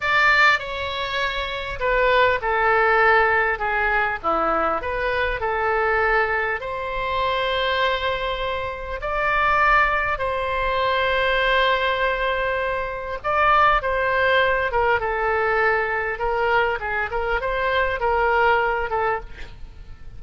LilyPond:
\new Staff \with { instrumentName = "oboe" } { \time 4/4 \tempo 4 = 100 d''4 cis''2 b'4 | a'2 gis'4 e'4 | b'4 a'2 c''4~ | c''2. d''4~ |
d''4 c''2.~ | c''2 d''4 c''4~ | c''8 ais'8 a'2 ais'4 | gis'8 ais'8 c''4 ais'4. a'8 | }